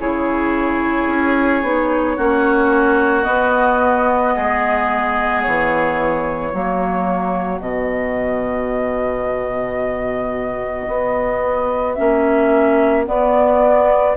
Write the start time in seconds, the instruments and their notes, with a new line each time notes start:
0.00 bassoon C#3, clarinet E4, oboe G#4, flute C#5
1.08 bassoon C#4
1.62 bassoon B3, clarinet D#4
2.17 bassoon A#3, clarinet C#4, oboe F#4
3.23 clarinet B3, bassoon B3, flute D#5
4.36 bassoon G#3, oboe G#4
5.42 bassoon E3, flute C#5
6.52 bassoon F#3, clarinet A#3, oboe F#4
7.60 bassoon B2, clarinet B3, flute D#5
10.88 bassoon B3
11.95 bassoon A#3, clarinet C#4, flute E5
13.06 clarinet B3, bassoon B3, flute D5